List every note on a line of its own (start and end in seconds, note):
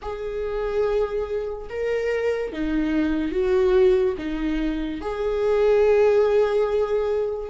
0.02 1.68 G#4
1.69 2.52 A#4
2.52 3.31 D#4
3.31 4.14 F#4
4.17 5.01 D#4
5.01 7.50 G#4